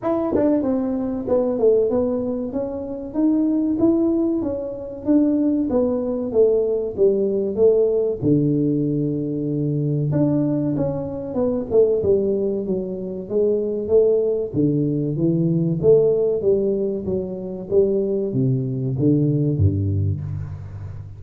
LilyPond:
\new Staff \with { instrumentName = "tuba" } { \time 4/4 \tempo 4 = 95 e'8 d'8 c'4 b8 a8 b4 | cis'4 dis'4 e'4 cis'4 | d'4 b4 a4 g4 | a4 d2. |
d'4 cis'4 b8 a8 g4 | fis4 gis4 a4 d4 | e4 a4 g4 fis4 | g4 c4 d4 g,4 | }